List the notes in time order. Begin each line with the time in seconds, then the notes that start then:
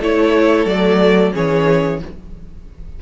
0.00 A3 E4 A4 C#5
0.65 F#3 A3 D5
1.32 E3 C#4 G#4 C#5